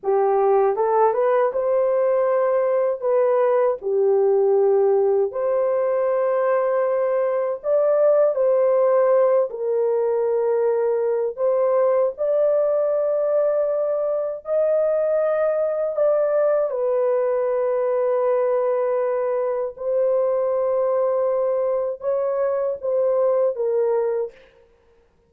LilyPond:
\new Staff \with { instrumentName = "horn" } { \time 4/4 \tempo 4 = 79 g'4 a'8 b'8 c''2 | b'4 g'2 c''4~ | c''2 d''4 c''4~ | c''8 ais'2~ ais'8 c''4 |
d''2. dis''4~ | dis''4 d''4 b'2~ | b'2 c''2~ | c''4 cis''4 c''4 ais'4 | }